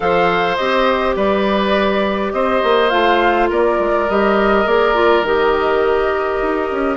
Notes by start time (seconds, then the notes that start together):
0.00 F3 A4 C5 F5
0.56 C4 G4 D#5
1.16 G3 B4 D5
2.32 C4 C5 D#5
2.63 A#3
2.89 A3 F4 F5
3.49 A#3 A#4 D5
3.79 G#3
4.09 G3 G4 D#5
4.65 A#3 G#4 D5
4.94 F4
5.22 D#3 G4 D#5
6.42 D#4
6.71 C#4